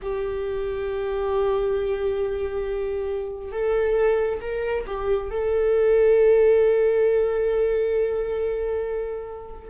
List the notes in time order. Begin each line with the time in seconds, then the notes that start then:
0.02 G4
3.51 A4
4.41 A#4
4.86 G4
5.30 A4